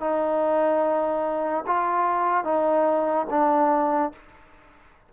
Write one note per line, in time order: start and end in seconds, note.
0.00 1.64 D#4
1.66 2.44 F4
2.44 3.26 D#4
3.30 4.12 D4